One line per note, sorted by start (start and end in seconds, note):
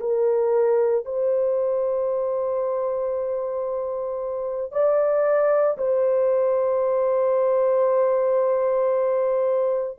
0.00 1.05 A#4
1.05 4.72 C5
4.72 5.77 D5
5.78 9.99 C5